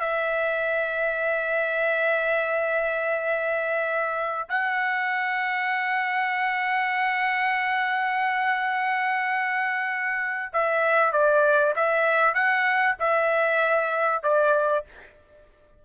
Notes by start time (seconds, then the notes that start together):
0.00 E5
4.49 F#5
10.54 E5
11.13 D5
11.76 E5
12.34 F#5
13.00 E5
14.23 D5